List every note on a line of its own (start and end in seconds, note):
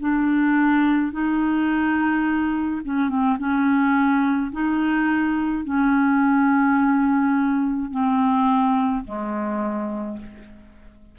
0.00 1.12 D4
1.12 2.82 D#4
2.85 3.09 C#4
3.09 3.38 C4
3.39 4.52 C#4
4.52 5.64 D#4
5.64 7.91 C#4
7.91 9.04 C4
9.05 10.18 G#3